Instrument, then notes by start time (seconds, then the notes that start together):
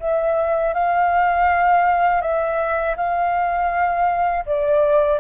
flute
0.00 E5
0.74 F5
2.22 E5
2.97 F5
4.46 D5